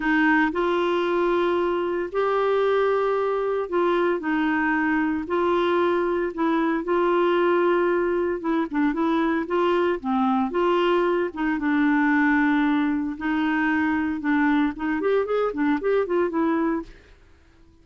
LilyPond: \new Staff \with { instrumentName = "clarinet" } { \time 4/4 \tempo 4 = 114 dis'4 f'2. | g'2. f'4 | dis'2 f'2 | e'4 f'2. |
e'8 d'8 e'4 f'4 c'4 | f'4. dis'8 d'2~ | d'4 dis'2 d'4 | dis'8 g'8 gis'8 d'8 g'8 f'8 e'4 | }